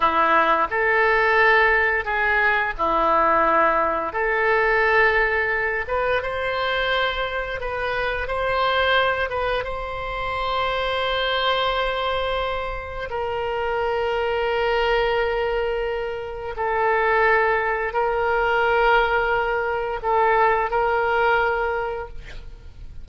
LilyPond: \new Staff \with { instrumentName = "oboe" } { \time 4/4 \tempo 4 = 87 e'4 a'2 gis'4 | e'2 a'2~ | a'8 b'8 c''2 b'4 | c''4. b'8 c''2~ |
c''2. ais'4~ | ais'1 | a'2 ais'2~ | ais'4 a'4 ais'2 | }